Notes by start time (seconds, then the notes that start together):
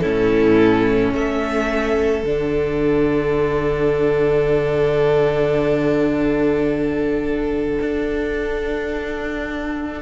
0.00 A2 C#4 E4 A4
1.12 A3 A4 E5
2.23 D3 D4 F#5
7.80 D4